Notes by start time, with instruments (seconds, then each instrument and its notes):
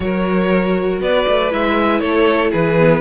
0.00 cello F#3, viola F#4, violin A#4 C#5
1.00 cello B3, violin B4 D5
1.28 cello A3
1.50 cello G#3, viola E4, violin E5
2.00 cello A3, violin A4 C#5
2.50 cello E3, violin G#4 B4
2.78 viola B3